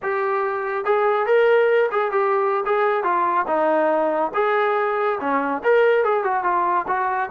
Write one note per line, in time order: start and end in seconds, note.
0.02 0.85 G4
0.85 1.26 G#4
1.26 1.89 A#4
1.91 2.11 G#4
2.11 2.64 G4
2.65 3.03 G#4
3.03 3.46 F4
3.47 4.31 D#4
4.34 5.18 G#4
5.20 5.62 C#4
5.63 6.03 A#4
6.03 6.23 G#4
6.23 6.43 F#4
6.43 6.85 F4
6.87 7.29 F#4